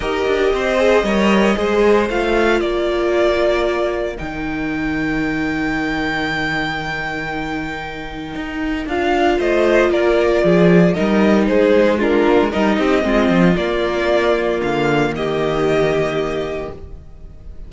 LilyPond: <<
  \new Staff \with { instrumentName = "violin" } { \time 4/4 \tempo 4 = 115 dis''1 | f''4 d''2. | g''1~ | g''1~ |
g''4 f''4 dis''4 d''4~ | d''4 dis''4 c''4 ais'4 | dis''2 d''2 | f''4 dis''2. | }
  \new Staff \with { instrumentName = "violin" } { \time 4/4 ais'4 c''4 cis''4 c''4~ | c''4 ais'2.~ | ais'1~ | ais'1~ |
ais'2 c''4 ais'4 | gis'4 ais'4 gis'4 f'4 | ais'8 g'8 f'2.~ | f'4 g'2. | }
  \new Staff \with { instrumentName = "viola" } { \time 4/4 g'4. gis'8 ais'4 gis'4 | f'1 | dis'1~ | dis'1~ |
dis'4 f'2.~ | f'4 dis'2 d'4 | dis'4 c'4 ais2~ | ais1 | }
  \new Staff \with { instrumentName = "cello" } { \time 4/4 dis'8 d'8 c'4 g4 gis4 | a4 ais2. | dis1~ | dis1 |
dis'4 d'4 a4 ais4 | f4 g4 gis4. ais16 gis16 | g8 c'8 gis8 f8 ais2 | d4 dis2. | }
>>